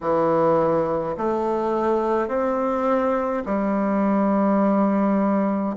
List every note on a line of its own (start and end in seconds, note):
0.01 1.16 E3
1.17 2.28 A3
2.28 3.43 C4
3.45 5.76 G3